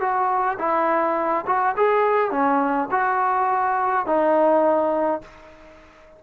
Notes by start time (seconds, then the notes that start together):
0.00 F#4
0.58 E4
1.46 F#4
1.76 G#4
2.31 C#4
2.91 F#4
4.06 D#4